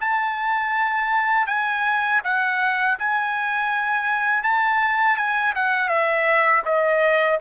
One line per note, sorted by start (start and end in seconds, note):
0.00 1.47 A5
1.47 2.21 G#5
2.24 2.98 F#5
2.99 4.43 G#5
4.43 5.16 A5
5.16 5.54 G#5
5.55 5.88 F#5
5.88 6.62 E5
6.65 7.39 D#5